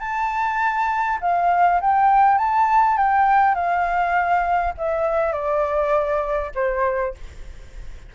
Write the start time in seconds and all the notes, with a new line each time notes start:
0.00 A5
1.21 F5
1.81 G5
2.38 A5
2.98 G5
3.55 F5
4.78 E5
5.32 D5
6.55 C5